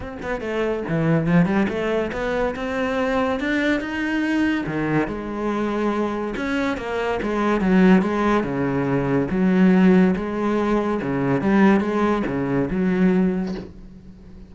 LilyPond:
\new Staff \with { instrumentName = "cello" } { \time 4/4 \tempo 4 = 142 c'8 b8 a4 e4 f8 g8 | a4 b4 c'2 | d'4 dis'2 dis4 | gis2. cis'4 |
ais4 gis4 fis4 gis4 | cis2 fis2 | gis2 cis4 g4 | gis4 cis4 fis2 | }